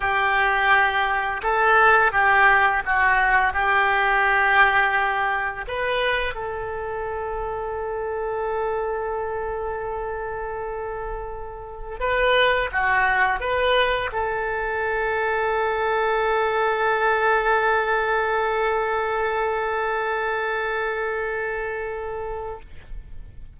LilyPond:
\new Staff \with { instrumentName = "oboe" } { \time 4/4 \tempo 4 = 85 g'2 a'4 g'4 | fis'4 g'2. | b'4 a'2.~ | a'1~ |
a'4 b'4 fis'4 b'4 | a'1~ | a'1~ | a'1 | }